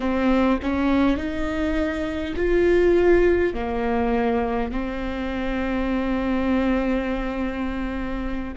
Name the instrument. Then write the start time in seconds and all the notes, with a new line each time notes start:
viola
0.00 C4
0.62 C#4
1.17 D#4
2.36 F4
3.53 A#3
4.71 C4